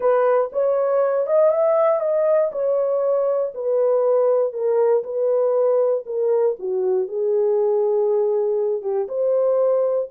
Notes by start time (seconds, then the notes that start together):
0.00 B4
0.52 C#5
1.27 D#5
1.50 E5
2.00 D#5
2.52 C#5
3.54 B4
4.52 A#4
5.03 B4
6.05 A#4
6.59 F#4
7.07 G#4
8.82 G4
9.08 C5